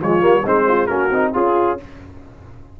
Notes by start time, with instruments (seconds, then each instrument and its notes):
0.00 tuba F3, trombone G#3, horn F4, trumpet C#5
0.20 tuba G3, trombone A#3
0.43 tuba G#3, trombone C4, horn D#4, trumpet C5
0.67 horn F4
0.86 tuba A#3, trombone C#4, horn F#4, trumpet A#4
1.10 tuba C4, trombone D#4
1.33 tuba C#4, trombone F4, horn F4, trumpet G#4